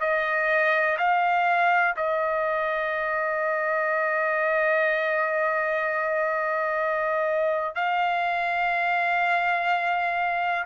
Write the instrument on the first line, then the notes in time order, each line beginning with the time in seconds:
trumpet
0.00 D#5
0.98 F5
1.96 D#5
7.75 F5